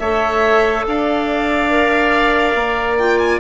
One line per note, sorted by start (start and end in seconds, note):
0.00 0.85 A3
0.00 1.70 A4
0.00 0.85 C#5
0.00 0.85 E5
0.87 2.55 D4
0.87 3.40 D5
0.87 2.98 F5
1.70 2.97 A#4
2.55 3.40 A#3
2.98 3.40 F4
2.98 3.18 G5
3.18 3.40 G#5